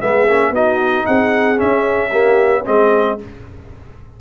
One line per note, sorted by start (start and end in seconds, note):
0.00 0.28 G#3
0.00 0.28 B3
0.00 0.52 G#4
0.00 0.54 E5
0.28 0.51 A#3
0.28 0.55 C#4
0.51 1.04 B3
0.51 1.57 D#4
0.51 1.05 F#4
0.51 1.06 D#5
1.06 1.61 C4
1.06 2.10 G#4
1.06 1.59 F#5
1.57 2.10 C#4
1.57 2.67 C#4
1.57 2.66 E5
2.10 2.65 A#3
2.10 2.63 G4
2.65 3.21 G#3
2.65 3.19 C4
2.65 3.20 G#4
2.65 3.19 D#5